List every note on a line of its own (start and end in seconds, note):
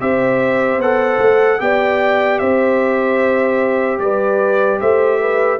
0.00 0.78 C4
0.00 0.80 G4
0.00 1.60 C5
0.00 0.80 E5
0.78 1.18 B3
0.78 1.59 A4
0.78 1.60 F#5
1.19 1.59 A3
1.59 2.40 B3
1.59 5.59 G4
1.59 2.41 D5
1.59 2.39 G5
2.39 3.99 C4
2.39 4.00 C5
2.39 3.99 E5
3.99 4.79 G3
3.99 4.79 B4
3.99 4.79 D5
4.79 5.59 A3
4.79 5.19 C5
4.79 5.59 E5
5.20 5.59 B4